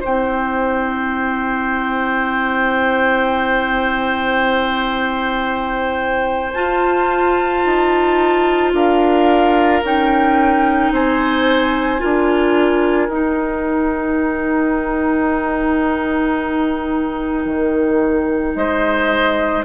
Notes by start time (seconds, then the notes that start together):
0.00 C4 E4 C5 G5
6.53 F4 A5
7.65 D#4
8.73 D4 A#4 F5
9.83 C#4 D#4 G5
10.92 C4 C5 G#5
11.99 D4 F4 A#4
13.08 D#4 G5
17.45 D#3
18.55 G#3 C5 D#5